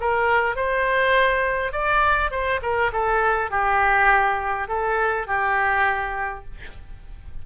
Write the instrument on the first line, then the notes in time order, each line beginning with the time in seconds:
oboe
0.00 A#4
0.56 C5
1.72 D5
2.31 C5
2.62 A#4
2.93 A4
3.50 G4
4.68 A4
5.27 G4